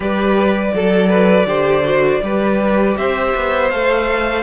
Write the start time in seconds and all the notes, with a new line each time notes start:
0.00 G3 G4 B4 D5
0.73 F#3 A4
1.09 B4
1.45 D3 G4 C5
1.83 F#4
2.22 G3 G4 B4
2.97 C4 C5 E5
3.35 B3
3.69 A3 A4 F5